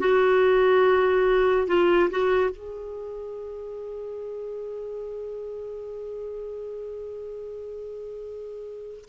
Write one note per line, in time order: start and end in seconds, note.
0.00 1.68 F#4
1.68 2.10 F4
2.11 2.50 F#4
2.50 9.05 G#4